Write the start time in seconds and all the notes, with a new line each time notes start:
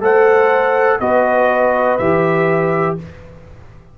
0.00 A3 A4 C5 F#5
0.99 B3 F#4 B4 D#5
1.97 E3 G4 E5